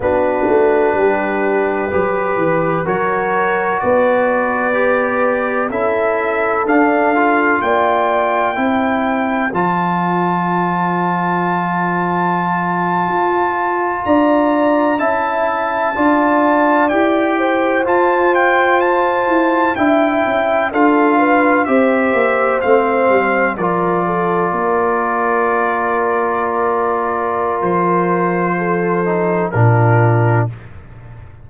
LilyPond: <<
  \new Staff \with { instrumentName = "trumpet" } { \time 4/4 \tempo 4 = 63 b'2. cis''4 | d''2 e''4 f''4 | g''2 a''2~ | a''2~ a''8. ais''4 a''16~ |
a''4.~ a''16 g''4 a''8 g''8 a''16~ | a''8. g''4 f''4 e''4 f''16~ | f''8. d''2.~ d''16~ | d''4 c''2 ais'4 | }
  \new Staff \with { instrumentName = "horn" } { \time 4/4 fis'4 g'4 b'4 ais'4 | b'2 a'2 | d''4 c''2.~ | c''2~ c''8. d''4 e''16~ |
e''8. d''4. c''4.~ c''16~ | c''8. e''4 a'8 b'8 c''4~ c''16~ | c''8. ais'8 a'8 ais'2~ ais'16~ | ais'2 a'4 f'4 | }
  \new Staff \with { instrumentName = "trombone" } { \time 4/4 d'2 g'4 fis'4~ | fis'4 g'4 e'4 d'8 f'8~ | f'4 e'4 f'2~ | f'2.~ f'8. e'16~ |
e'8. f'4 g'4 f'4~ f'16~ | f'8. e'4 f'4 g'4 c'16~ | c'8. f'2.~ f'16~ | f'2~ f'8 dis'8 d'4 | }
  \new Staff \with { instrumentName = "tuba" } { \time 4/4 b8 a8 g4 fis8 e8 fis4 | b2 cis'4 d'4 | ais4 c'4 f2~ | f4.~ f16 f'4 d'4 cis'16~ |
cis'8. d'4 e'4 f'4~ f'16~ | f'16 e'8 d'8 cis'8 d'4 c'8 ais8 a16~ | a16 g8 f4 ais2~ ais16~ | ais4 f2 ais,4 | }
>>